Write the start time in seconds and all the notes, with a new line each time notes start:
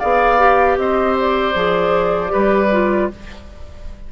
0.00 B3 G#4 D5 F5
0.39 G4
0.77 C4 C5 D#5
1.20 D5
1.55 F3 G#4
2.28 G4 B4
2.34 G3
2.72 F4